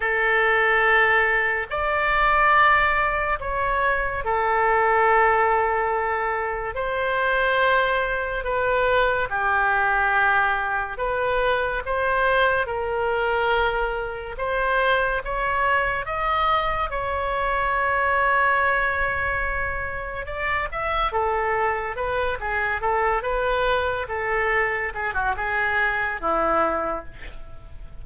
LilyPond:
\new Staff \with { instrumentName = "oboe" } { \time 4/4 \tempo 4 = 71 a'2 d''2 | cis''4 a'2. | c''2 b'4 g'4~ | g'4 b'4 c''4 ais'4~ |
ais'4 c''4 cis''4 dis''4 | cis''1 | d''8 e''8 a'4 b'8 gis'8 a'8 b'8~ | b'8 a'4 gis'16 fis'16 gis'4 e'4 | }